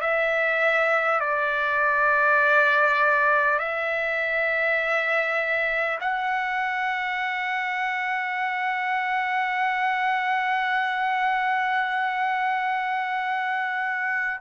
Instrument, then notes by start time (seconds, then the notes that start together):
trumpet
0.00 E5
1.19 D5
3.58 E5
6.00 F#5